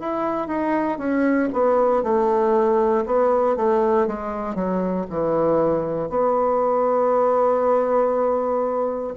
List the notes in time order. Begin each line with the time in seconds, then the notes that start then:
0.00 E4
0.48 D#4
0.99 C#4
1.53 B3
2.03 A3
3.06 B3
3.57 A3
4.07 G#3
4.55 F#3
5.10 E3
6.10 B3